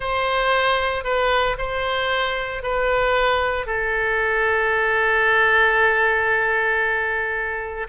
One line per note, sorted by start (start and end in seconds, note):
0.00 1.04 C5
1.04 1.56 B4
1.58 2.62 C5
2.62 3.66 B4
3.66 7.87 A4